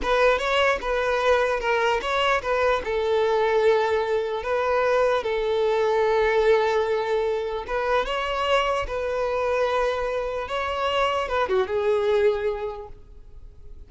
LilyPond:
\new Staff \with { instrumentName = "violin" } { \time 4/4 \tempo 4 = 149 b'4 cis''4 b'2 | ais'4 cis''4 b'4 a'4~ | a'2. b'4~ | b'4 a'2.~ |
a'2. b'4 | cis''2 b'2~ | b'2 cis''2 | b'8 fis'8 gis'2. | }